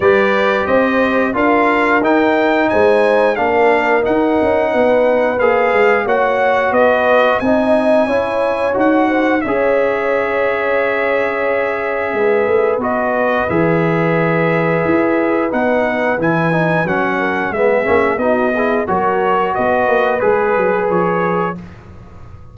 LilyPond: <<
  \new Staff \with { instrumentName = "trumpet" } { \time 4/4 \tempo 4 = 89 d''4 dis''4 f''4 g''4 | gis''4 f''4 fis''2 | f''4 fis''4 dis''4 gis''4~ | gis''4 fis''4 e''2~ |
e''2. dis''4 | e''2. fis''4 | gis''4 fis''4 e''4 dis''4 | cis''4 dis''4 b'4 cis''4 | }
  \new Staff \with { instrumentName = "horn" } { \time 4/4 b'4 c''4 ais'2 | c''4 ais'2 b'4~ | b'4 cis''4 b'4 dis''4 | cis''4. c''8 cis''2~ |
cis''2 b'2~ | b'1~ | b'4. ais'8 gis'4 fis'8 gis'8 | ais'4 b'2. | }
  \new Staff \with { instrumentName = "trombone" } { \time 4/4 g'2 f'4 dis'4~ | dis'4 d'4 dis'2 | gis'4 fis'2 dis'4 | e'4 fis'4 gis'2~ |
gis'2. fis'4 | gis'2. dis'4 | e'8 dis'8 cis'4 b8 cis'8 dis'8 e'8 | fis'2 gis'2 | }
  \new Staff \with { instrumentName = "tuba" } { \time 4/4 g4 c'4 d'4 dis'4 | gis4 ais4 dis'8 cis'8 b4 | ais8 gis8 ais4 b4 c'4 | cis'4 dis'4 cis'2~ |
cis'2 gis8 a8 b4 | e2 e'4 b4 | e4 fis4 gis8 ais8 b4 | fis4 b8 ais8 gis8 fis8 f4 | }
>>